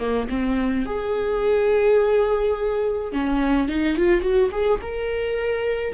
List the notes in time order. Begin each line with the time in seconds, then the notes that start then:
0.00 A#3
0.30 C4
0.86 G#4
3.13 C#4
3.69 D#4
3.97 F4
4.22 F#4
4.52 G#4
4.82 A#4